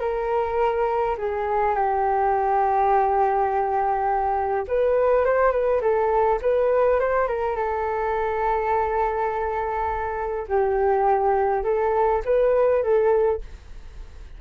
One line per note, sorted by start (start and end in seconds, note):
0.00 1.17 A#4
1.18 1.76 G#4
1.76 4.67 G4
4.68 5.25 B4
5.25 5.52 C5
5.52 5.81 B4
5.82 6.40 A4
6.42 7.00 B4
7.00 7.28 C5
7.28 7.56 A#4
7.56 10.47 A4
10.49 11.64 G4
11.64 12.23 A4
12.25 12.83 B4
12.83 13.41 A4